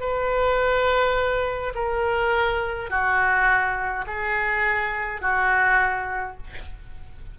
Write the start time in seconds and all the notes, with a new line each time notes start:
0.00 B4
1.75 A#4
2.90 F#4
4.07 G#4
5.21 F#4